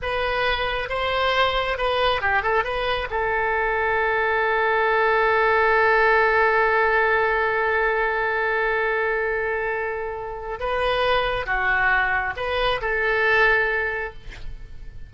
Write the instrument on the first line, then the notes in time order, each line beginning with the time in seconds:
oboe
0.02 B4
0.89 C5
1.77 B4
2.21 G4
2.42 A4
2.64 B4
3.10 A4
10.59 B4
11.45 F#4
12.36 B4
12.81 A4